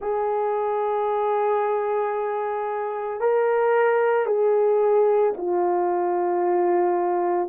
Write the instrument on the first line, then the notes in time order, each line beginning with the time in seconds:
horn
0.00 G#4
3.20 A#4
4.26 G#4
5.37 F4